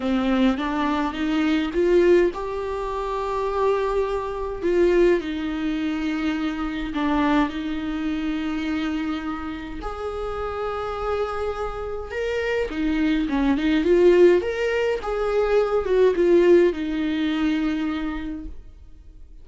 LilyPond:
\new Staff \with { instrumentName = "viola" } { \time 4/4 \tempo 4 = 104 c'4 d'4 dis'4 f'4 | g'1 | f'4 dis'2. | d'4 dis'2.~ |
dis'4 gis'2.~ | gis'4 ais'4 dis'4 cis'8 dis'8 | f'4 ais'4 gis'4. fis'8 | f'4 dis'2. | }